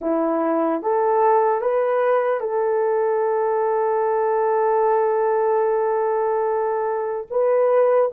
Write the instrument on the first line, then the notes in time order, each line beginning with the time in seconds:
horn
0.01 E4
0.82 A4
1.61 B4
2.40 A4
7.30 B4